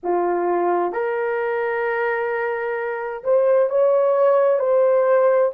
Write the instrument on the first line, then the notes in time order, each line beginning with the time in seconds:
horn
0.03 F4
0.92 A#4
3.23 C5
3.69 C#5
4.59 C5